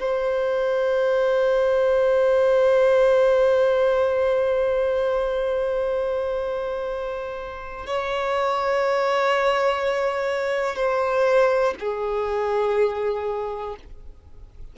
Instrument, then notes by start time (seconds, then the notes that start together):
violin
0.00 C5
7.86 C#5
10.76 C5
11.79 G#4